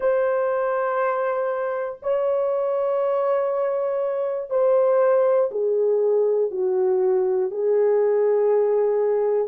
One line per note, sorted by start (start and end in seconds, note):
0.00 1.99 C5
2.02 4.50 C#5
4.50 5.50 C5
5.51 6.50 G#4
6.50 7.50 F#4
7.50 9.48 G#4